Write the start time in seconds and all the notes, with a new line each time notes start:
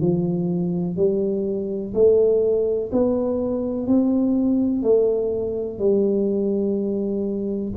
0.00 F3
0.96 G3
1.94 A3
2.92 B3
3.87 C4
4.83 A3
5.78 G3